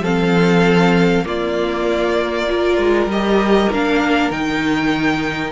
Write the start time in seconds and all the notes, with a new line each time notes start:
0.00 F3 C4 A4 F5
1.24 A#3 F4 D5
2.47 F4 A#4
2.77 G#3
3.06 G3 G4 D#5
3.72 A#3 D4 F5
4.30 D#3 D#4 G5